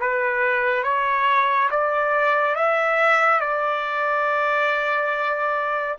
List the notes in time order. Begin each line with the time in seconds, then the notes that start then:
0.00 B4
0.83 C#5
1.70 D5
2.55 E5
3.40 D5